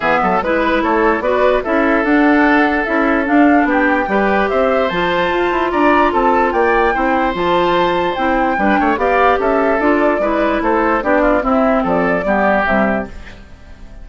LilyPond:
<<
  \new Staff \with { instrumentName = "flute" } { \time 4/4 \tempo 4 = 147 e''4 b'4 cis''4 d''4 | e''4 fis''2 e''4 | f''4 g''2 e''4 | a''2 ais''4 a''4 |
g''2 a''2 | g''2 f''4 e''4 | d''2 c''4 d''4 | e''4 d''2 e''4 | }
  \new Staff \with { instrumentName = "oboe" } { \time 4/4 gis'8 a'8 b'4 a'4 b'4 | a'1~ | a'4 g'4 b'4 c''4~ | c''2 d''4 a'4 |
d''4 c''2.~ | c''4 b'8 cis''8 d''4 a'4~ | a'4 b'4 a'4 g'8 f'8 | e'4 a'4 g'2 | }
  \new Staff \with { instrumentName = "clarinet" } { \time 4/4 b4 e'2 fis'4 | e'4 d'2 e'4 | d'2 g'2 | f'1~ |
f'4 e'4 f'2 | e'4 d'4 g'2 | f'4 e'2 d'4 | c'2 b4 g4 | }
  \new Staff \with { instrumentName = "bassoon" } { \time 4/4 e8 fis8 gis4 a4 b4 | cis'4 d'2 cis'4 | d'4 b4 g4 c'4 | f4 f'8 e'8 d'4 c'4 |
ais4 c'4 f2 | c'4 g8 a8 b4 cis'4 | d'4 gis4 a4 b4 | c'4 f4 g4 c4 | }
>>